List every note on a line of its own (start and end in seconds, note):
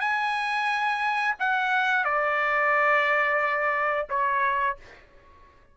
0.00 1.35 G#5
1.39 2.05 F#5
2.05 4.07 D5
4.09 4.77 C#5